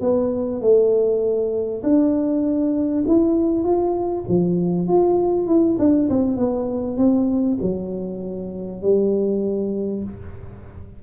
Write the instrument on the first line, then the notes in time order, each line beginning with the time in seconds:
tuba
0.00 B3
0.61 A3
1.83 D4
3.07 E4
3.63 F4
4.28 F3
4.88 F4
5.47 E4
5.78 D4
6.09 C4
6.36 B3
6.97 C4
7.61 F#3
8.82 G3